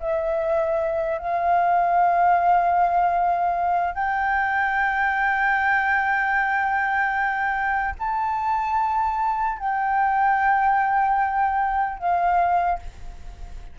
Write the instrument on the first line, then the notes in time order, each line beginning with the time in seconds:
flute
0.00 E5
1.18 F5
3.94 G5
7.99 A5
9.59 G5
11.99 F5